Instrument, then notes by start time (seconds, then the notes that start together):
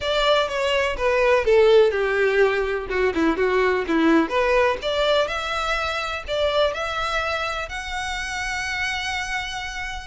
violin
0.00 D5
0.48 C#5
0.97 B4
1.44 A4
1.91 G4
2.89 F#4
3.14 E4
3.36 F#4
3.87 E4
4.29 B4
4.81 D5
5.27 E5
6.27 D5
6.73 E5
7.68 F#5